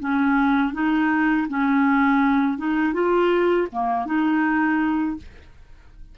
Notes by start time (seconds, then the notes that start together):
0.00 C#4
0.74 D#4
1.49 C#4
2.58 D#4
2.94 F4
3.72 A#3
4.06 D#4